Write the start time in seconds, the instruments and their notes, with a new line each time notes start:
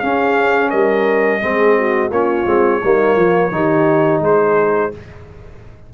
0.00 tuba C#4, trombone C#4, horn G#4, trumpet F5
0.70 tuba G3, horn A#4, trumpet D#5
1.41 tuba G#3, trombone C4, horn G#4
1.78 horn F#4
2.10 tuba A#3, trombone C#4, horn F4, trumpet C#5
2.46 tuba G#3, trombone C4
2.84 tuba G3, trombone A#3, horn D#4
3.16 tuba F3, horn F4
3.52 tuba D#3, trombone D#4, horn G4
4.21 tuba G#3, horn G#4, trumpet C5